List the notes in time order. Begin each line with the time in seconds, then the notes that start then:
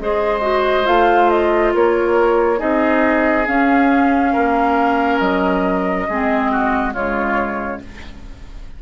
0.00 G#3 G#4 C5 D#5
0.41 F#4
0.85 A3 F4 F5
1.30 D#5
1.74 A#3 A#4 C#5
2.57 C4 D#4 G#4 D#5
3.47 C#4 F5
4.33 A#3 A#4
5.19 F#3 D#5
6.09 G#3 C4 G#4
6.51 F#4
6.93 C#3 G#3 F4 C#5